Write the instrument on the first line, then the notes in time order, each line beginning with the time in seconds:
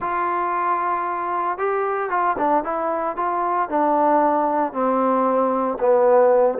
trombone
0.00 F4
1.57 G4
2.10 F4
2.38 D4
2.64 E4
3.16 F4
3.69 D4
4.72 C4
5.79 B3